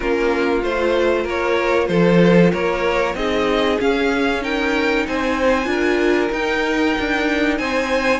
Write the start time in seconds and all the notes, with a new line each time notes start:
0.00 A#3 C#4 F4 A#4
0.62 A3 F4 C5
1.22 A#3 A#4
1.29 C#5
1.87 F3 A4 C5
2.52 A#3 A#4 C#5
3.14 C4 D#4 G#4 D#5
3.78 C#4 F5
4.41 D#4 A#4 G5
5.07 C4 C5 G#5
5.64 D4 F4 A#4
6.31 D#4 G5
6.99 D4
7.58 C4 C5 G#5